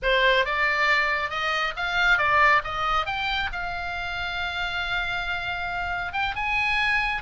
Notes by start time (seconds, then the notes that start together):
0.02 C5
0.45 D5
1.30 D#5
1.76 F5
2.18 D5
2.64 D#5
3.06 G5
3.52 F5
6.12 G5
6.35 G#5